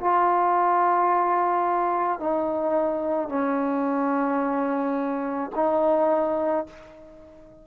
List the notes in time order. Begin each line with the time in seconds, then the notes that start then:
0.00 F4
2.20 D#4
3.29 C#4
5.56 D#4